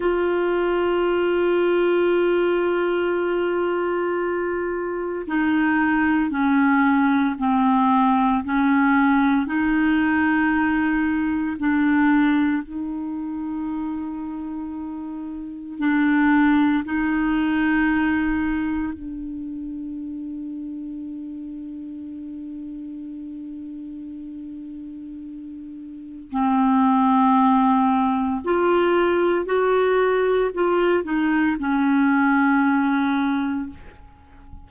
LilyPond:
\new Staff \with { instrumentName = "clarinet" } { \time 4/4 \tempo 4 = 57 f'1~ | f'4 dis'4 cis'4 c'4 | cis'4 dis'2 d'4 | dis'2. d'4 |
dis'2 d'2~ | d'1~ | d'4 c'2 f'4 | fis'4 f'8 dis'8 cis'2 | }